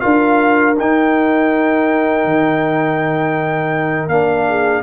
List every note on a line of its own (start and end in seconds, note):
0.00 0.78 D4
0.00 0.74 F4
0.00 4.46 A#4
0.00 0.74 F5
0.78 2.24 D#4
0.78 4.10 D#4
0.78 4.08 G5
2.24 4.07 D#3
4.07 4.81 A#3
4.07 4.83 D4
4.07 4.82 F5
4.48 4.83 G#4